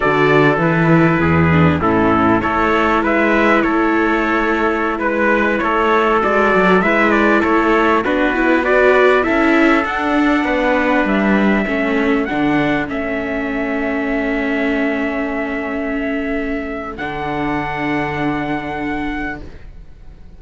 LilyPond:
<<
  \new Staff \with { instrumentName = "trumpet" } { \time 4/4 \tempo 4 = 99 d''4 b'2 a'4 | cis''4 e''4 cis''2~ | cis''16 b'4 cis''4 d''4 e''8 d''16~ | d''16 cis''4 b'4 d''4 e''8.~ |
e''16 fis''2 e''4.~ e''16~ | e''16 fis''4 e''2~ e''8.~ | e''1 | fis''1 | }
  \new Staff \with { instrumentName = "trumpet" } { \time 4/4 a'2 gis'4 e'4 | a'4 b'4 a'2~ | a'16 b'4 a'2 b'8.~ | b'16 a'4 fis'4 b'4 a'8.~ |
a'4~ a'16 b'2 a'8.~ | a'1~ | a'1~ | a'1 | }
  \new Staff \with { instrumentName = "viola" } { \time 4/4 fis'4 e'4. d'8 cis'4 | e'1~ | e'2~ e'16 fis'4 e'8.~ | e'4~ e'16 d'8 e'8 fis'4 e'8.~ |
e'16 d'2. cis'8.~ | cis'16 d'4 cis'2~ cis'8.~ | cis'1 | d'1 | }
  \new Staff \with { instrumentName = "cello" } { \time 4/4 d4 e4 e,4 a,4 | a4 gis4 a2~ | a16 gis4 a4 gis8 fis8 gis8.~ | gis16 a4 b2 cis'8.~ |
cis'16 d'4 b4 g4 a8.~ | a16 d4 a2~ a8.~ | a1 | d1 | }
>>